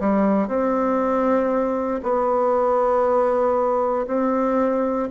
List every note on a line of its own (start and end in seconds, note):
0.00 0.48 G3
0.48 2.01 C4
2.03 4.07 B3
4.07 5.09 C4